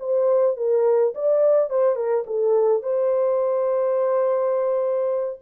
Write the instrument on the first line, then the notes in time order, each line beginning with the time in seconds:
horn
0.00 C5
0.57 A#4
1.15 D5
1.70 C5
1.96 A#4
2.27 A4
2.83 C5